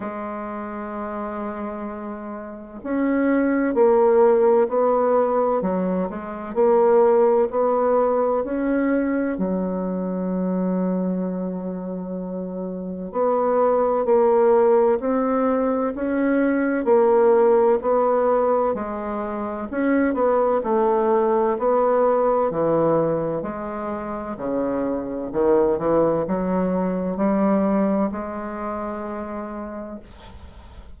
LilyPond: \new Staff \with { instrumentName = "bassoon" } { \time 4/4 \tempo 4 = 64 gis2. cis'4 | ais4 b4 fis8 gis8 ais4 | b4 cis'4 fis2~ | fis2 b4 ais4 |
c'4 cis'4 ais4 b4 | gis4 cis'8 b8 a4 b4 | e4 gis4 cis4 dis8 e8 | fis4 g4 gis2 | }